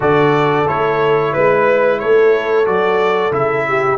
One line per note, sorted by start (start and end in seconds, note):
0.00 0.67 D3
0.00 0.65 F#4
0.00 1.32 A4
0.00 0.67 D5
0.67 1.35 A3
0.67 2.65 E4
0.67 1.33 C#5
1.33 2.02 G#3
1.33 1.99 B4
1.99 2.67 A3
1.99 3.67 A4
1.99 2.65 C#5
2.65 3.31 F#3
2.65 3.31 F#4
2.65 3.32 D5
3.31 3.98 C#3
3.31 3.98 E4
3.31 3.98 E5
3.67 3.98 G4